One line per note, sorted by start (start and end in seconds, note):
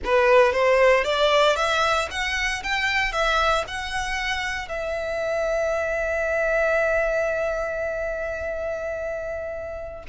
0.04 0.52 B4
0.52 1.03 C5
1.03 1.56 D5
1.56 2.08 E5
2.10 2.63 F#5
2.63 3.12 G5
3.12 3.64 E5
3.67 4.68 F#5
4.68 10.03 E5